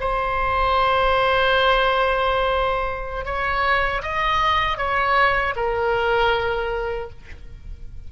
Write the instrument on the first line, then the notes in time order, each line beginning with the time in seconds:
oboe
0.00 C5
3.25 C#5
4.02 D#5
4.77 C#5
5.56 A#4